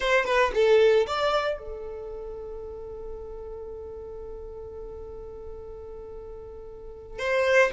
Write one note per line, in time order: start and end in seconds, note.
0.00 0.25 C5
0.25 0.51 B4
0.54 1.06 A4
1.06 1.58 D5
1.58 7.18 A4
7.18 7.71 C5